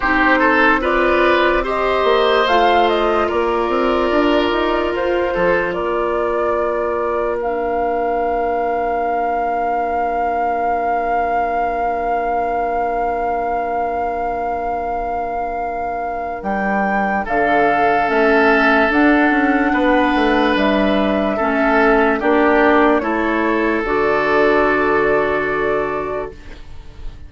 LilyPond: <<
  \new Staff \with { instrumentName = "flute" } { \time 4/4 \tempo 4 = 73 c''4 d''4 dis''4 f''8 dis''8 | d''2 c''4 d''4~ | d''4 f''2.~ | f''1~ |
f''1 | g''4 f''4 e''4 fis''4~ | fis''4 e''2 d''4 | cis''4 d''2. | }
  \new Staff \with { instrumentName = "oboe" } { \time 4/4 g'8 a'8 b'4 c''2 | ais'2~ ais'8 a'8 ais'4~ | ais'1~ | ais'1~ |
ais'1~ | ais'4 a'2. | b'2 a'4 g'4 | a'1 | }
  \new Staff \with { instrumentName = "clarinet" } { \time 4/4 dis'4 f'4 g'4 f'4~ | f'1~ | f'4 d'2.~ | d'1~ |
d'1~ | d'2 cis'4 d'4~ | d'2 cis'4 d'4 | e'4 fis'2. | }
  \new Staff \with { instrumentName = "bassoon" } { \time 4/4 c'2~ c'8 ais8 a4 | ais8 c'8 d'8 dis'8 f'8 f8 ais4~ | ais1~ | ais1~ |
ais1 | g4 d4 a4 d'8 cis'8 | b8 a8 g4 a4 ais4 | a4 d2. | }
>>